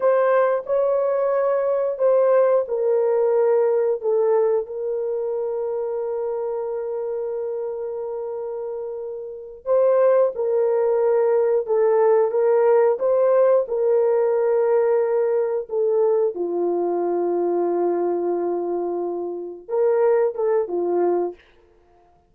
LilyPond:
\new Staff \with { instrumentName = "horn" } { \time 4/4 \tempo 4 = 90 c''4 cis''2 c''4 | ais'2 a'4 ais'4~ | ais'1~ | ais'2~ ais'8 c''4 ais'8~ |
ais'4. a'4 ais'4 c''8~ | c''8 ais'2. a'8~ | a'8 f'2.~ f'8~ | f'4. ais'4 a'8 f'4 | }